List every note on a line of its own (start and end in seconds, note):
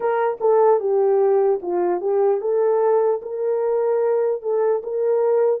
0.00 0.38 A#4
0.40 0.80 A4
0.80 1.60 G4
1.62 2.00 F4
2.00 2.40 G4
2.40 3.20 A4
3.21 4.41 A#4
4.41 4.81 A4
4.83 5.60 A#4